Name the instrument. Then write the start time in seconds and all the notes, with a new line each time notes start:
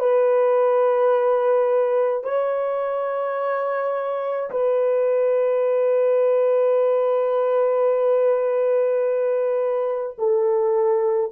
horn
0.00 B4
2.24 C#5
4.51 B4
10.19 A4